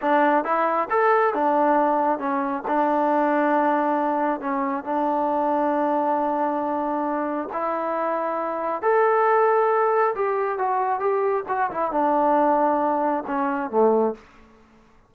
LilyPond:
\new Staff \with { instrumentName = "trombone" } { \time 4/4 \tempo 4 = 136 d'4 e'4 a'4 d'4~ | d'4 cis'4 d'2~ | d'2 cis'4 d'4~ | d'1~ |
d'4 e'2. | a'2. g'4 | fis'4 g'4 fis'8 e'8 d'4~ | d'2 cis'4 a4 | }